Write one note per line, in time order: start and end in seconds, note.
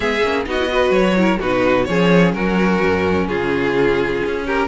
0.00 0.22 G#3
0.00 0.22 B3
0.00 0.46 G#4
0.00 0.46 E5
0.22 0.46 A#3
0.22 0.45 C#4
0.45 0.90 B3
0.45 0.57 D#4
0.45 0.70 F#4
0.45 0.92 D#5
0.59 0.68 E4
0.68 1.15 F#4
0.68 1.17 B4
0.90 1.37 F#3
0.90 1.39 C#5
1.16 1.39 E4
1.16 1.39 A#4
1.39 1.87 B2
1.39 1.88 D#4
1.39 1.86 F#4
1.39 1.85 B4
1.85 2.33 F3
1.85 4.67 C#4
1.85 2.34 G#4
1.85 2.31 C#5
2.33 2.80 F#3
2.33 3.28 F#4
2.33 3.27 A#4
2.83 3.27 F#2
3.27 4.21 C#3
3.27 4.45 F4
3.27 4.45 G#4
4.25 4.67 C#4
4.46 4.67 G4
4.46 4.67 A#4